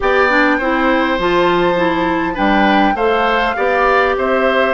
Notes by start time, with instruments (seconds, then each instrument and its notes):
0.00 bassoon B3, clarinet G4, oboe D5, flute G5
0.29 clarinet D4
0.58 bassoon C4, clarinet E4, oboe C5
1.18 bassoon F3, clarinet F4, flute A5
1.76 clarinet E4
2.34 bassoon G3, clarinet D4, oboe B4, flute G5
2.94 bassoon A3, clarinet A4, oboe C5, flute F5
3.56 bassoon B3, clarinet G4, oboe D5
4.17 bassoon C4, oboe C5, flute E5